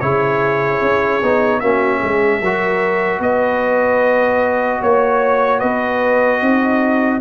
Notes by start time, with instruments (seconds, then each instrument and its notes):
0.00 tuba C#3, trombone E4, horn G#4, trumpet C#5
0.82 tuba C#4
1.22 tuba B3, trombone D#4
1.60 tuba A#3, trombone C#4, horn F#4, trumpet E5
1.99 tuba G#3, horn G#4
2.41 tuba F#3, trombone F#4, horn A#4
3.20 tuba B3, horn B4, trumpet D#5
4.80 tuba A#3, horn C#5, trumpet C#5
5.59 tuba B3, horn B4, trumpet D#5
6.41 tuba C4, horn D#4